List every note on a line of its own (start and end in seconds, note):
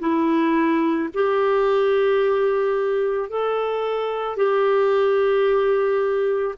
0.00 1.09 E4
1.14 3.30 G4
3.30 4.37 A4
4.37 6.55 G4